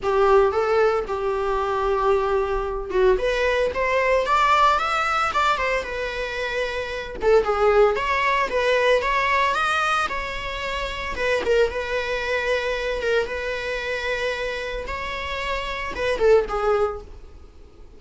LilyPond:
\new Staff \with { instrumentName = "viola" } { \time 4/4 \tempo 4 = 113 g'4 a'4 g'2~ | g'4. fis'8 b'4 c''4 | d''4 e''4 d''8 c''8 b'4~ | b'4. a'8 gis'4 cis''4 |
b'4 cis''4 dis''4 cis''4~ | cis''4 b'8 ais'8 b'2~ | b'8 ais'8 b'2. | cis''2 b'8 a'8 gis'4 | }